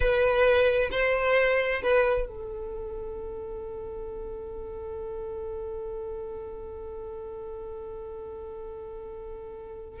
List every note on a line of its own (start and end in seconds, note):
0.00 0.89 B4
0.91 1.82 C5
1.82 2.27 B4
2.27 10.00 A4